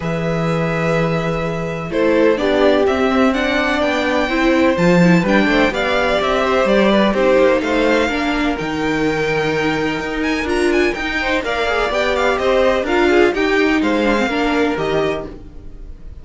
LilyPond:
<<
  \new Staff \with { instrumentName = "violin" } { \time 4/4 \tempo 4 = 126 e''1 | c''4 d''4 e''4 fis''4 | g''2 a''4 g''4 | f''4 e''4 d''4 c''4 |
f''2 g''2~ | g''4. gis''8 ais''8 gis''8 g''4 | f''4 g''8 f''8 dis''4 f''4 | g''4 f''2 dis''4 | }
  \new Staff \with { instrumentName = "violin" } { \time 4/4 b'1 | a'4 g'2 d''4~ | d''4 c''2 b'8 c''8 | d''4. c''4 b'8 g'4 |
c''4 ais'2.~ | ais'2.~ ais'8 c''8 | d''2 c''4 ais'8 gis'8 | g'4 c''4 ais'2 | }
  \new Staff \with { instrumentName = "viola" } { \time 4/4 gis'1 | e'4 d'4 c'4 d'4~ | d'4 e'4 f'8 e'8 d'4 | g'2. dis'4~ |
dis'4 d'4 dis'2~ | dis'2 f'4 dis'4 | ais'8 gis'8 g'2 f'4 | dis'4. d'16 c'16 d'4 g'4 | }
  \new Staff \with { instrumentName = "cello" } { \time 4/4 e1 | a4 b4 c'2 | b4 c'4 f4 g8 a8 | b4 c'4 g4 c'8 ais8 |
a4 ais4 dis2~ | dis4 dis'4 d'4 dis'4 | ais4 b4 c'4 d'4 | dis'4 gis4 ais4 dis4 | }
>>